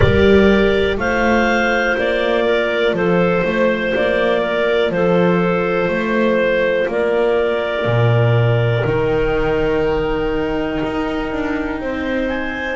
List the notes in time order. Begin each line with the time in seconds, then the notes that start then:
0.00 G3 G4 A#4 D5
0.95 A3 F4 C5 F5
1.97 A#3 D5
2.45 A#4
2.93 F3 A4 C5
3.44 A3 C5
3.94 A#3 D5
4.41 A#4
4.90 F3 A4 C5
5.88 A3 C5
6.87 A#3 A#4 D5
7.85 A#2
8.84 D#3 D#4 G5
10.83 D#4
11.31 D4
11.80 C4 C5
12.28 G#5